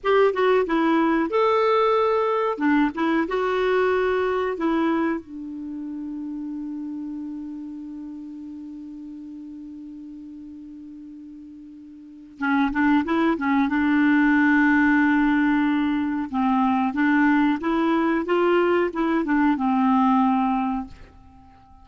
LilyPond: \new Staff \with { instrumentName = "clarinet" } { \time 4/4 \tempo 4 = 92 g'8 fis'8 e'4 a'2 | d'8 e'8 fis'2 e'4 | d'1~ | d'1~ |
d'2. cis'8 d'8 | e'8 cis'8 d'2.~ | d'4 c'4 d'4 e'4 | f'4 e'8 d'8 c'2 | }